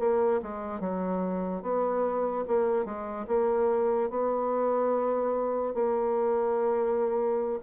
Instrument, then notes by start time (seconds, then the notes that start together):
bassoon
0.00 A#3
0.43 G#3
0.81 F#3
1.63 B3
2.48 A#3
2.85 G#3
3.28 A#3
4.10 B3
5.75 A#3